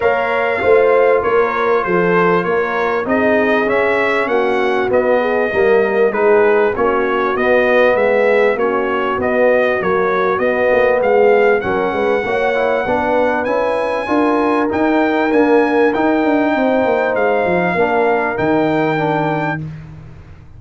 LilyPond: <<
  \new Staff \with { instrumentName = "trumpet" } { \time 4/4 \tempo 4 = 98 f''2 cis''4 c''4 | cis''4 dis''4 e''4 fis''4 | dis''2 b'4 cis''4 | dis''4 e''4 cis''4 dis''4 |
cis''4 dis''4 f''4 fis''4~ | fis''2 gis''2 | g''4 gis''4 g''2 | f''2 g''2 | }
  \new Staff \with { instrumentName = "horn" } { \time 4/4 cis''4 c''4 ais'4 a'4 | ais'4 gis'2 fis'4~ | fis'8 gis'8 ais'4 gis'4 fis'4~ | fis'4 gis'4 fis'2~ |
fis'2 gis'4 ais'8 b'8 | cis''4 b'2 ais'4~ | ais'2. c''4~ | c''4 ais'2. | }
  \new Staff \with { instrumentName = "trombone" } { \time 4/4 ais'4 f'2.~ | f'4 dis'4 cis'2 | b4 ais4 dis'4 cis'4 | b2 cis'4 b4 |
ais4 b2 cis'4 | fis'8 e'8 d'4 e'4 f'4 | dis'4 ais4 dis'2~ | dis'4 d'4 dis'4 d'4 | }
  \new Staff \with { instrumentName = "tuba" } { \time 4/4 ais4 a4 ais4 f4 | ais4 c'4 cis'4 ais4 | b4 g4 gis4 ais4 | b4 gis4 ais4 b4 |
fis4 b8 ais8 gis4 fis8 gis8 | ais4 b4 cis'4 d'4 | dis'4 d'4 dis'8 d'8 c'8 ais8 | gis8 f8 ais4 dis2 | }
>>